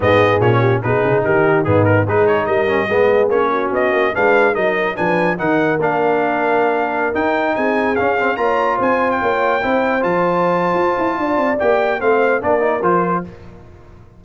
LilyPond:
<<
  \new Staff \with { instrumentName = "trumpet" } { \time 4/4 \tempo 4 = 145 dis''4 cis''4 b'4 ais'4 | gis'8 ais'8 b'8 cis''8 dis''2 | cis''4 dis''4 f''4 dis''4 | gis''4 fis''4 f''2~ |
f''4~ f''16 g''4 gis''4 f''8.~ | f''16 ais''4 gis''8. g''2~ | g''16 a''2.~ a''8. | g''4 f''4 d''4 c''4 | }
  \new Staff \with { instrumentName = "horn" } { \time 4/4 gis'4. g'8 gis'4 g'4 | dis'4 gis'4 ais'4 gis'4~ | gis'8 fis'4. b'4 ais'4 | b'4 ais'2.~ |
ais'2~ ais'16 gis'4.~ gis'16~ | gis'16 cis''4 c''4 cis''4 c''8.~ | c''2. d''4~ | d''4 c''4 ais'2 | }
  \new Staff \with { instrumentName = "trombone" } { \time 4/4 b4 cis'4 dis'2 | b4 dis'4. cis'8 b4 | cis'2 d'4 dis'4 | d'4 dis'4 d'2~ |
d'4~ d'16 dis'2 cis'8 c'16~ | c'16 f'2. e'8.~ | e'16 f'2.~ f'8. | g'4 c'4 d'8 dis'8 f'4 | }
  \new Staff \with { instrumentName = "tuba" } { \time 4/4 gis,4 ais,4 b,8 cis8 dis4 | gis,4 gis4 g4 gis4 | ais4 b8 ais8 gis4 fis4 | f4 dis4 ais2~ |
ais4~ ais16 dis'4 c'4 cis'8.~ | cis'16 ais4 c'4 ais4 c'8.~ | c'16 f4.~ f16 f'8 e'8 d'8 c'8 | ais4 a4 ais4 f4 | }
>>